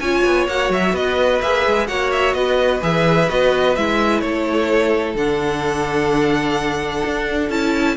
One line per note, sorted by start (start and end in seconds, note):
0.00 0.23 C#4
0.00 0.50 F4
0.00 0.93 C#5
0.00 0.47 G#5
0.25 0.47 B3
0.47 0.70 A#3
0.47 1.43 F#4
0.47 0.72 F#5
0.70 0.93 F#3
0.70 0.96 E5
0.93 1.40 B3
0.93 1.87 B4
0.93 1.41 D#5
1.41 1.66 A#3
1.41 1.88 G#4
1.41 1.87 E5
1.66 1.89 G#3
1.87 2.34 A#3
1.87 2.82 F#4
1.87 2.35 C#5
1.87 2.11 F#5
2.11 2.34 E5
2.34 2.81 B3
2.34 4.23 B4
2.34 2.81 D#5
2.82 3.29 E3
2.82 3.29 G#4
2.82 3.30 E5
3.29 3.77 B3
3.29 3.75 F#4
3.29 3.76 D#5
3.76 4.22 G#3
3.76 5.17 E4
3.76 4.20 E5
4.20 5.15 A3
4.20 7.97 A4
4.20 5.14 C#5
5.15 7.02 D3
5.15 7.50 D4
5.15 7.50 F#5
7.06 7.50 D4
7.50 7.96 C#4
7.50 7.97 E4
7.50 7.97 A5